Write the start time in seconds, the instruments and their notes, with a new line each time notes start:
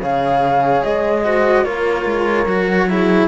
0.00 cello C#3 G#4, horn C#5, flute F5
0.84 cello G#3, flute D#5
1.24 cello F#4, horn C5
1.64 cello A#3 F4, horn A#4, flute C#5
2.05 cello G#3
2.46 cello F#3 F#4
2.89 cello E4, horn G#4